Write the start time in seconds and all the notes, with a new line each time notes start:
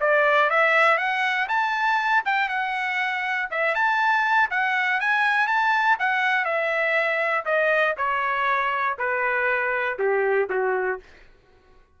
0.00 D5
0.50 E5
0.97 F#5
1.48 A5
2.25 G5
2.48 F#5
3.50 E5
3.74 A5
4.50 F#5
5.00 G#5
5.47 A5
5.99 F#5
6.44 E5
7.45 D#5
7.97 C#5
8.98 B4
9.98 G4
10.49 F#4